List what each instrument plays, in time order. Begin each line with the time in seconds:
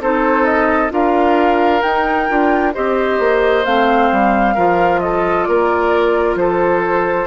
0.00 bassoon C4, clarinet D#4, oboe A4, flute C5
0.45 flute D#5
0.90 bassoon D4, clarinet F4, oboe A#4, flute F5
1.82 clarinet D#4, bassoon D#4, flute G5
2.28 bassoon D4, clarinet F4
2.74 bassoon C4, clarinet G4, oboe C5, flute D#5
3.20 bassoon A#3
3.65 bassoon A3, clarinet C4, flute F5
4.12 bassoon G3
4.55 bassoon F3, clarinet F4, oboe A#4
5.00 oboe A4, flute D#5
5.45 bassoon A#3, oboe A#4, flute D5
6.36 bassoon F3, oboe A4, flute C5